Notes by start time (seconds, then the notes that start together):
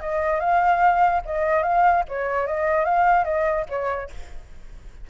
0.00 D#5
0.40 F5
1.26 D#5
1.63 F5
2.09 C#5
2.47 D#5
2.85 F5
3.25 D#5
3.69 C#5